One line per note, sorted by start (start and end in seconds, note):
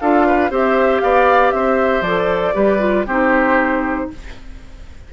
0.00 0.50 D4
0.00 0.50 F4
0.00 0.26 A4
0.00 0.51 F5
0.26 0.50 B4
0.50 1.01 C4
0.50 2.04 G4
0.50 1.02 C5
0.50 1.00 E5
1.00 1.52 B3
1.00 1.54 D5
1.00 1.51 F5
1.51 2.01 C4
1.51 2.55 C5
1.51 2.02 E5
2.01 2.52 F3
2.01 2.54 A4
2.01 3.05 D5
2.54 3.06 G3
2.54 2.79 G4
2.54 3.06 B4
2.79 3.05 F4
3.06 4.09 C4
3.06 4.13 D#4
3.06 4.09 G4
3.06 4.10 C5